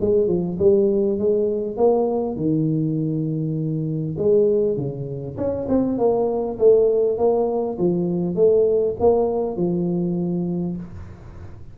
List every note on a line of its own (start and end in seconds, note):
0.00 0.27 G#3
0.27 0.57 F3
0.59 1.18 G3
1.18 1.77 G#3
1.77 2.36 A#3
2.36 4.16 D#3
4.17 4.76 G#3
4.76 5.36 C#3
5.37 5.67 C#4
5.68 5.98 C4
5.98 6.58 A#3
6.58 7.18 A3
7.18 7.78 A#3
7.78 8.35 F3
8.35 8.95 A3
8.99 9.56 A#3
9.56 10.76 F3